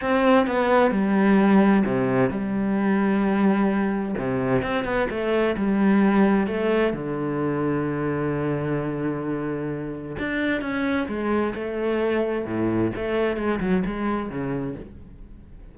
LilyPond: \new Staff \with { instrumentName = "cello" } { \time 4/4 \tempo 4 = 130 c'4 b4 g2 | c4 g2.~ | g4 c4 c'8 b8 a4 | g2 a4 d4~ |
d1~ | d2 d'4 cis'4 | gis4 a2 a,4 | a4 gis8 fis8 gis4 cis4 | }